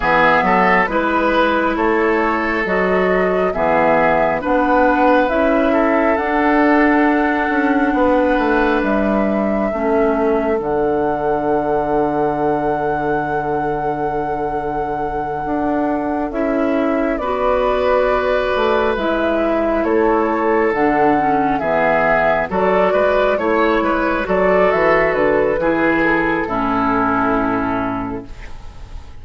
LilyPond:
<<
  \new Staff \with { instrumentName = "flute" } { \time 4/4 \tempo 4 = 68 e''4 b'4 cis''4 dis''4 | e''4 fis''4 e''4 fis''4~ | fis''2 e''2 | fis''1~ |
fis''2~ fis''8 e''4 d''8~ | d''4. e''4 cis''4 fis''8~ | fis''8 e''4 d''4 cis''4 d''8 | e''8 b'4 a'2~ a'8 | }
  \new Staff \with { instrumentName = "oboe" } { \time 4/4 gis'8 a'8 b'4 a'2 | gis'4 b'4. a'4.~ | a'4 b'2 a'4~ | a'1~ |
a'2.~ a'8 b'8~ | b'2~ b'8 a'4.~ | a'8 gis'4 a'8 b'8 cis''8 b'8 a'8~ | a'4 gis'4 e'2 | }
  \new Staff \with { instrumentName = "clarinet" } { \time 4/4 b4 e'2 fis'4 | b4 d'4 e'4 d'4~ | d'2. cis'4 | d'1~ |
d'2~ d'8 e'4 fis'8~ | fis'4. e'2 d'8 | cis'8 b4 fis'4 e'4 fis'8~ | fis'4 e'4 cis'2 | }
  \new Staff \with { instrumentName = "bassoon" } { \time 4/4 e8 fis8 gis4 a4 fis4 | e4 b4 cis'4 d'4~ | d'8 cis'8 b8 a8 g4 a4 | d1~ |
d4. d'4 cis'4 b8~ | b4 a8 gis4 a4 d8~ | d8 e4 fis8 gis8 a8 gis8 fis8 | e8 d8 e4 a,2 | }
>>